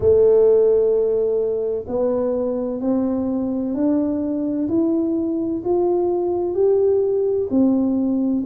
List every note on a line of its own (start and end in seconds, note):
0.00 1.85 A3
1.87 2.80 B3
2.80 3.74 C4
3.74 4.68 D4
4.68 5.62 E4
5.64 6.54 F4
6.54 7.48 G4
7.50 8.44 C4